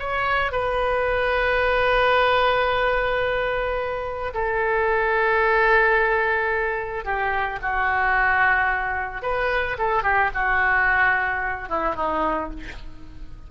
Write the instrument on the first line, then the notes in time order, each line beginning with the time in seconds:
oboe
0.00 C#5
0.52 B4
4.34 A4
7.05 G4
7.62 F#4
9.23 B4
9.79 A4
10.04 G4
10.35 F#4
11.70 E4
11.96 D#4